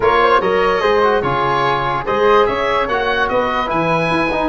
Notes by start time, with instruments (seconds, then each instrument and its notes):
0.00 tuba A#3, trombone F4, flute A#4, oboe C#5
0.21 flute C5
0.40 tuba F#3, trombone A#4, flute C#5, oboe D#5
0.80 tuba G#3, trombone G#4, flute C5
1.03 trombone F#4
1.22 tuba C#3, trombone F4, flute G#4, oboe C#5
2.06 tuba G#3, trombone G#4, flute C5, oboe D#5
2.46 tuba C#4, flute C#5, oboe E5
2.88 tuba A#3, trombone F#4, oboe F#5
3.28 tuba B3, flute B4, oboe D#5
3.66 tuba E3, trombone E4, oboe G#5
4.10 tuba E4
4.31 trombone D#4, tuba D#4